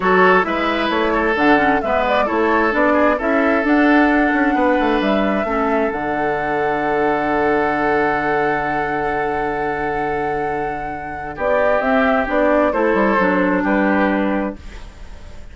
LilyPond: <<
  \new Staff \with { instrumentName = "flute" } { \time 4/4 \tempo 4 = 132 cis''4 e''4 cis''4 fis''4 | e''8 d''8 cis''4 d''4 e''4 | fis''2. e''4~ | e''4 fis''2.~ |
fis''1~ | fis''1~ | fis''4 d''4 e''4 d''4 | c''2 b'2 | }
  \new Staff \with { instrumentName = "oboe" } { \time 4/4 a'4 b'4. a'4. | b'4 a'4. gis'8 a'4~ | a'2 b'2 | a'1~ |
a'1~ | a'1~ | a'4 g'2. | a'2 g'2 | }
  \new Staff \with { instrumentName = "clarinet" } { \time 4/4 fis'4 e'2 d'8 cis'8 | b4 e'4 d'4 e'4 | d'1 | cis'4 d'2.~ |
d'1~ | d'1~ | d'2 c'4 d'4 | e'4 d'2. | }
  \new Staff \with { instrumentName = "bassoon" } { \time 4/4 fis4 gis4 a4 d4 | gis4 a4 b4 cis'4 | d'4. cis'8 b8 a8 g4 | a4 d2.~ |
d1~ | d1~ | d4 b4 c'4 b4 | a8 g8 fis4 g2 | }
>>